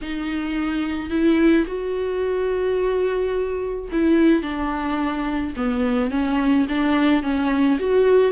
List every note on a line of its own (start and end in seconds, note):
0.01 1.10 D#4
1.10 1.65 E4
1.66 3.88 F#4
3.92 4.42 E4
4.42 5.53 D4
5.56 6.10 B3
6.10 6.66 C#4
6.68 7.22 D4
7.22 7.78 C#4
7.79 8.32 F#4